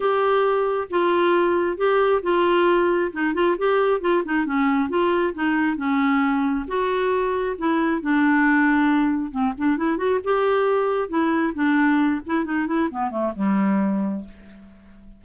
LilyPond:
\new Staff \with { instrumentName = "clarinet" } { \time 4/4 \tempo 4 = 135 g'2 f'2 | g'4 f'2 dis'8 f'8 | g'4 f'8 dis'8 cis'4 f'4 | dis'4 cis'2 fis'4~ |
fis'4 e'4 d'2~ | d'4 c'8 d'8 e'8 fis'8 g'4~ | g'4 e'4 d'4. e'8 | dis'8 e'8 b8 a8 g2 | }